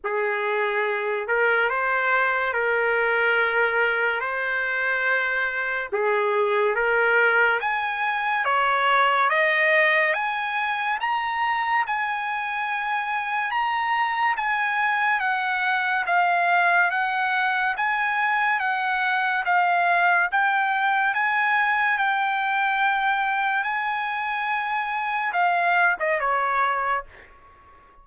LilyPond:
\new Staff \with { instrumentName = "trumpet" } { \time 4/4 \tempo 4 = 71 gis'4. ais'8 c''4 ais'4~ | ais'4 c''2 gis'4 | ais'4 gis''4 cis''4 dis''4 | gis''4 ais''4 gis''2 |
ais''4 gis''4 fis''4 f''4 | fis''4 gis''4 fis''4 f''4 | g''4 gis''4 g''2 | gis''2 f''8. dis''16 cis''4 | }